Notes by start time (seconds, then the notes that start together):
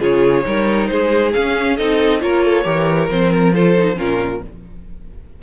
0.00 C#3 F4 G#4 C#5
0.46 G3 D#4 A#4
0.87 G#3 G#4 C5
1.34 C#4 F5
1.77 C4 D#4 A4 D#5
2.20 A#3 F4 A#4 C#5
2.45 A4
2.64 E3 G4 A#4
3.10 F3 C4 C5
3.33 A#4
3.53 F4 A4 C5
3.78 D#4
3.97 A#2 C#4 F4 A#4